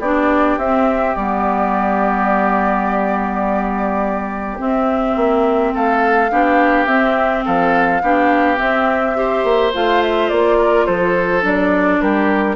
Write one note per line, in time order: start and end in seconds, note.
0.00 0.57 B3
0.00 0.61 D4
0.00 5.72 G4
0.00 0.58 D5
0.58 1.15 C4
0.58 1.17 C4
0.58 1.15 E5
1.15 4.59 G3
1.15 4.58 B3
1.15 4.58 D5
4.58 6.30 C4
4.58 5.16 C4
4.58 5.75 E5
5.16 5.73 A#3
5.74 6.32 A3
5.74 6.31 A4
5.74 6.86 F5
6.30 6.87 B3
6.30 6.88 D4
6.30 7.45 G4
6.86 7.44 C4
6.86 8.02 C4
6.86 7.43 E5
7.45 8.02 F3
7.45 8.02 A4
7.45 8.58 F5
8.02 8.59 B3
8.02 8.57 D4
8.02 9.17 G4
8.57 9.14 C4
8.57 9.44 C4
8.57 9.72 E5
9.15 9.72 G4
9.15 10.58 C5
9.44 9.72 A#3
9.74 10.31 A3
9.74 11.42 F4
9.74 10.03 F5
10.03 10.29 E5
10.29 10.87 A#3
10.29 10.86 D5
10.58 10.86 A#4
10.86 11.44 F3
10.86 12.00 A4
10.86 11.43 C5
11.42 12.01 F#3
11.42 12.56 D4
11.42 12.01 D5
12.01 12.56 G3
12.01 12.56 G4
12.01 12.56 A#4